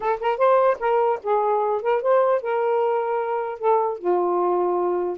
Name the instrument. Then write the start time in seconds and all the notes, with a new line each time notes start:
saxophone
0.00 A4
0.20 A#4
0.37 C5
0.79 A#4
1.23 G#4
1.82 A#4
2.01 C5
2.41 A#4
3.58 A4
3.98 F4